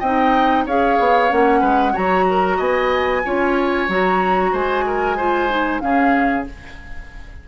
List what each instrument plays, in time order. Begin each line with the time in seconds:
0.00 bassoon C4, clarinet D#4, oboe D#5, flute G5
0.66 bassoon C#4, clarinet G#4, oboe C#5, flute F5
0.99 bassoon B3
1.30 bassoon A#3, clarinet C#4, flute F#5
1.60 bassoon G#3, oboe B4
1.93 bassoon F#3, clarinet F#4, oboe C#5, flute A#5
2.31 oboe A#4
2.57 bassoon B3, oboe D#5, flute G#5
3.25 bassoon C#4, clarinet F4, oboe C#5
3.89 bassoon F#3, clarinet F#4, flute A#5
4.52 bassoon G#3, oboe C5, flute G#5
4.87 oboe A#4
5.17 clarinet F4, oboe C5
5.50 clarinet D#4
5.80 bassoon C#3, clarinet C#4, oboe G#4, flute F5